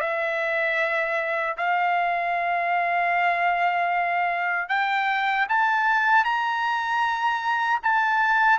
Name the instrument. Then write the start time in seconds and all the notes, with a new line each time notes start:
trumpet
0.00 E5
1.57 F5
4.68 G5
5.48 A5
6.24 A#5
7.82 A5